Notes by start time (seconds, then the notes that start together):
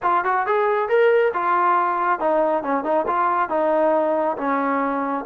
0.02 F4
0.24 F#4
0.46 G#4
0.88 A#4
1.33 F4
2.19 D#4
2.63 C#4
2.83 D#4
3.07 F4
3.49 D#4
4.37 C#4